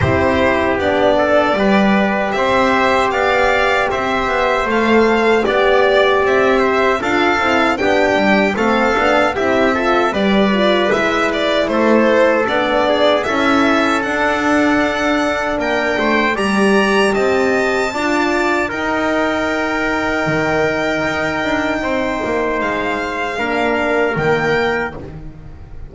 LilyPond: <<
  \new Staff \with { instrumentName = "violin" } { \time 4/4 \tempo 4 = 77 c''4 d''2 e''4 | f''4 e''4 f''4 d''4 | e''4 f''4 g''4 f''4 | e''4 d''4 e''8 d''8 c''4 |
d''4 e''4 fis''2 | g''4 ais''4 a''2 | g''1~ | g''4 f''2 g''4 | }
  \new Staff \with { instrumentName = "trumpet" } { \time 4/4 g'4. a'8 b'4 c''4 | d''4 c''2 d''4~ | d''8 c''8 a'4 g'4 a'4 | g'8 a'8 b'2 a'4~ |
a'8 gis'8 a'2. | ais'8 c''8 d''4 dis''4 d''4 | ais'1 | c''2 ais'2 | }
  \new Staff \with { instrumentName = "horn" } { \time 4/4 e'4 d'4 g'2~ | g'2 a'4 g'4~ | g'4 f'8 e'8 d'4 c'8 d'8 | e'8 f'8 g'8 f'8 e'2 |
d'4 e'4 d'2~ | d'4 g'2 f'4 | dis'1~ | dis'2 d'4 ais4 | }
  \new Staff \with { instrumentName = "double bass" } { \time 4/4 c'4 b4 g4 c'4 | b4 c'8 b8 a4 b4 | c'4 d'8 c'8 b8 g8 a8 b8 | c'4 g4 gis4 a4 |
b4 cis'4 d'2 | ais8 a8 g4 c'4 d'4 | dis'2 dis4 dis'8 d'8 | c'8 ais8 gis4 ais4 dis4 | }
>>